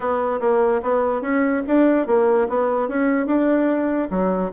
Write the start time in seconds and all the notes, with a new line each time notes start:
0.00 B3
0.40 A#3
0.82 B3
1.21 C#4
1.67 D4
2.07 A#3
2.48 B3
2.88 C#4
3.26 D4
4.10 F#3